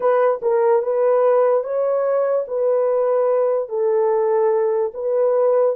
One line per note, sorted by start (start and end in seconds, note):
0.00 0.40 B4
0.41 0.82 A#4
0.82 1.63 B4
1.63 2.45 C#5
2.47 3.68 B4
3.68 4.92 A4
4.94 5.75 B4